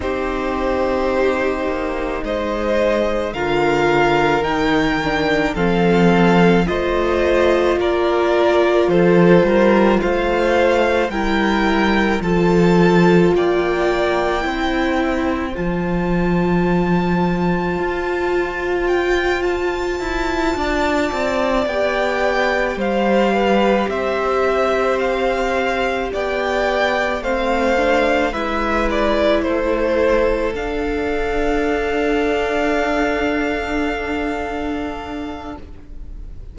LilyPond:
<<
  \new Staff \with { instrumentName = "violin" } { \time 4/4 \tempo 4 = 54 c''2 dis''4 f''4 | g''4 f''4 dis''4 d''4 | c''4 f''4 g''4 a''4 | g''2 a''2~ |
a''4 g''8 a''2 g''8~ | g''8 f''4 e''4 f''4 g''8~ | g''8 f''4 e''8 d''8 c''4 f''8~ | f''1 | }
  \new Staff \with { instrumentName = "violin" } { \time 4/4 g'2 c''4 ais'4~ | ais'4 a'4 c''4 ais'4 | a'8 ais'8 c''4 ais'4 a'4 | d''4 c''2.~ |
c''2~ c''8 d''4.~ | d''8 c''8 b'8 c''2 d''8~ | d''8 c''4 b'4 a'4.~ | a'1 | }
  \new Staff \with { instrumentName = "viola" } { \time 4/4 dis'2. f'4 | dis'8 d'8 c'4 f'2~ | f'2 e'4 f'4~ | f'4 e'4 f'2~ |
f'2.~ f'8 g'8~ | g'1~ | g'8 c'8 d'8 e'2 d'8~ | d'1 | }
  \new Staff \with { instrumentName = "cello" } { \time 4/4 c'4. ais8 gis4 d4 | dis4 f4 a4 ais4 | f8 g8 a4 g4 f4 | ais4 c'4 f2 |
f'2 e'8 d'8 c'8 b8~ | b8 g4 c'2 b8~ | b8 a4 gis4 a4 d'8~ | d'1 | }
>>